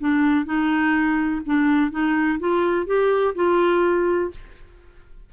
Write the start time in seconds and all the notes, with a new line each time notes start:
0.00 D4
0.46 D#4
1.46 D4
1.91 D#4
2.40 F4
2.87 G4
3.36 F4